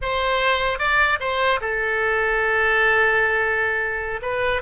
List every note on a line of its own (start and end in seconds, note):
0.01 0.78 C5
0.78 1.18 D5
1.20 1.60 C5
1.60 4.20 A4
4.22 4.62 B4